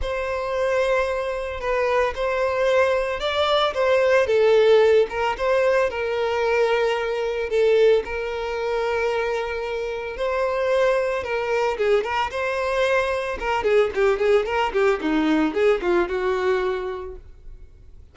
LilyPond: \new Staff \with { instrumentName = "violin" } { \time 4/4 \tempo 4 = 112 c''2. b'4 | c''2 d''4 c''4 | a'4. ais'8 c''4 ais'4~ | ais'2 a'4 ais'4~ |
ais'2. c''4~ | c''4 ais'4 gis'8 ais'8 c''4~ | c''4 ais'8 gis'8 g'8 gis'8 ais'8 g'8 | dis'4 gis'8 f'8 fis'2 | }